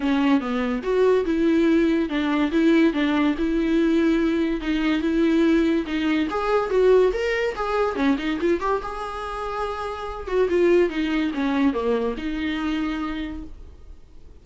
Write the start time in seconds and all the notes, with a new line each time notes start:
0.00 C#4
0.40 B3
0.82 F#4
1.25 E4
2.09 D4
2.51 E4
2.93 D4
3.38 E4
4.61 D#4
5.01 E4
5.86 D#4
6.30 G#4
6.70 F#4
7.12 A#4
7.55 G#4
7.95 C#4
8.18 D#4
8.40 F4
8.60 G4
8.82 G#4
10.27 F#4
10.49 F4
10.89 D#4
11.34 C#4
11.73 A#3
12.17 D#4